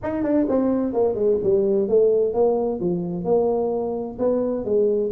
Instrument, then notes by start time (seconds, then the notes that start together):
tuba
0.02 D#4
0.23 D4
0.48 C4
0.93 A#3
1.14 G#3
1.43 G3
1.88 A3
2.33 A#3
2.79 F3
3.24 A#3
4.18 B3
4.64 G#3